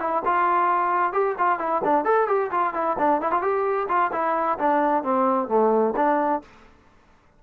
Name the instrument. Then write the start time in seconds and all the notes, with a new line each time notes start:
trombone
0.00 E4
0.25 F4
1.13 G4
1.38 F4
1.59 E4
1.84 D4
2.05 A4
2.28 G4
2.51 F4
2.74 E4
2.99 D4
3.21 E4
3.32 F4
3.42 G4
3.88 F4
4.12 E4
4.59 D4
5.04 C4
5.48 A3
5.96 D4